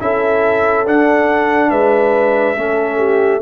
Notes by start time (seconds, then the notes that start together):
0.00 C#4 E4 A4 E5
0.86 D4 F#5
1.71 G#3 B4 E5
2.57 A3 C#4 A4
2.98 G4